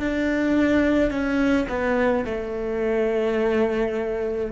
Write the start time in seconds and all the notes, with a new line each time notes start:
0.00 D4
1.11 C#4
1.69 B3
2.25 A3